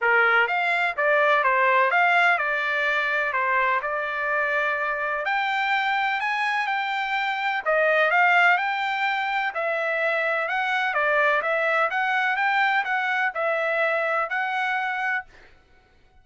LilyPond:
\new Staff \with { instrumentName = "trumpet" } { \time 4/4 \tempo 4 = 126 ais'4 f''4 d''4 c''4 | f''4 d''2 c''4 | d''2. g''4~ | g''4 gis''4 g''2 |
dis''4 f''4 g''2 | e''2 fis''4 d''4 | e''4 fis''4 g''4 fis''4 | e''2 fis''2 | }